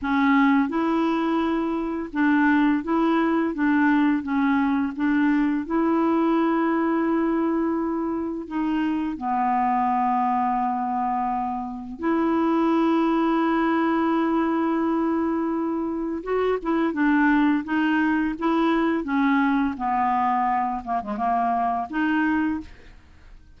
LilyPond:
\new Staff \with { instrumentName = "clarinet" } { \time 4/4 \tempo 4 = 85 cis'4 e'2 d'4 | e'4 d'4 cis'4 d'4 | e'1 | dis'4 b2.~ |
b4 e'2.~ | e'2. fis'8 e'8 | d'4 dis'4 e'4 cis'4 | b4. ais16 gis16 ais4 dis'4 | }